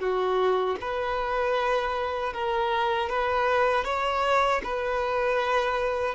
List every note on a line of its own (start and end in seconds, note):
0.00 0.77 F#4
0.81 2.34 B4
2.34 3.09 A#4
3.09 3.85 B4
3.85 4.62 C#5
4.64 6.15 B4